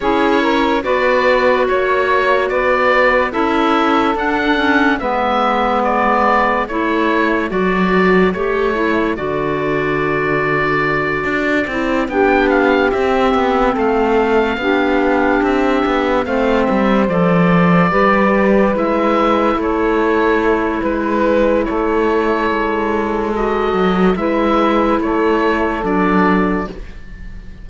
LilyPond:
<<
  \new Staff \with { instrumentName = "oboe" } { \time 4/4 \tempo 4 = 72 cis''4 d''4 cis''4 d''4 | e''4 fis''4 e''4 d''4 | cis''4 d''4 cis''4 d''4~ | d''2~ d''8 g''8 f''8 e''8~ |
e''8 f''2 e''4 f''8 | e''8 d''2 e''4 cis''8~ | cis''4 b'4 cis''2 | dis''4 e''4 cis''4 d''4 | }
  \new Staff \with { instrumentName = "saxophone" } { \time 4/4 gis'8 ais'8 b'4 cis''4 b'4 | a'2 b'2 | a'1~ | a'2~ a'8 g'4.~ |
g'8 a'4 g'2 c''8~ | c''4. b'2 a'8~ | a'4 b'4 a'2~ | a'4 b'4 a'2 | }
  \new Staff \with { instrumentName = "clarinet" } { \time 4/4 e'4 fis'2. | e'4 d'8 cis'8 b2 | e'4 fis'4 g'8 e'8 fis'4~ | fis'2 e'8 d'4 c'8~ |
c'4. d'2 c'8~ | c'8 a'4 g'4 e'4.~ | e'1 | fis'4 e'2 d'4 | }
  \new Staff \with { instrumentName = "cello" } { \time 4/4 cis'4 b4 ais4 b4 | cis'4 d'4 gis2 | a4 fis4 a4 d4~ | d4. d'8 c'8 b4 c'8 |
b8 a4 b4 c'8 b8 a8 | g8 f4 g4 gis4 a8~ | a4 gis4 a4 gis4~ | gis8 fis8 gis4 a4 fis4 | }
>>